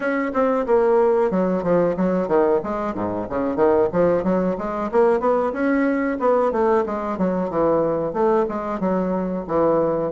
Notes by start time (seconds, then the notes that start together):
0.00 C#4
0.33 C4
0.66 A#3
1.30 F#3
1.63 F3
1.96 F#3
2.28 D#3
2.63 G#3
2.94 G#2
3.29 C#3
3.55 D#3
3.92 F3
4.23 F#3
4.57 G#3
4.91 A#3
5.19 B3
5.53 C#4
6.19 B3
6.52 A3
6.86 G#3
7.18 F#3
7.49 E3
8.13 A3
8.48 G#3
8.80 F#3
9.47 E3